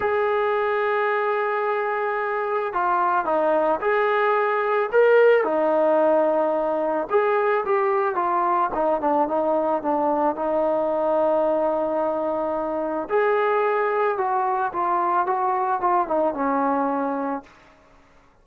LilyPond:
\new Staff \with { instrumentName = "trombone" } { \time 4/4 \tempo 4 = 110 gis'1~ | gis'4 f'4 dis'4 gis'4~ | gis'4 ais'4 dis'2~ | dis'4 gis'4 g'4 f'4 |
dis'8 d'8 dis'4 d'4 dis'4~ | dis'1 | gis'2 fis'4 f'4 | fis'4 f'8 dis'8 cis'2 | }